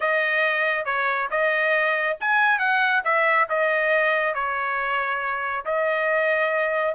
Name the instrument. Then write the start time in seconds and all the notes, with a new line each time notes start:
trumpet
0.00 D#5
0.85 C#5
1.30 D#5
2.20 G#5
2.58 F#5
3.04 E5
3.49 D#5
4.34 C#5
5.65 D#5